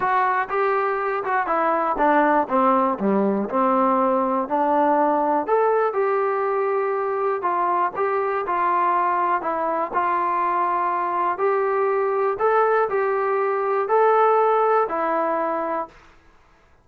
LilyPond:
\new Staff \with { instrumentName = "trombone" } { \time 4/4 \tempo 4 = 121 fis'4 g'4. fis'8 e'4 | d'4 c'4 g4 c'4~ | c'4 d'2 a'4 | g'2. f'4 |
g'4 f'2 e'4 | f'2. g'4~ | g'4 a'4 g'2 | a'2 e'2 | }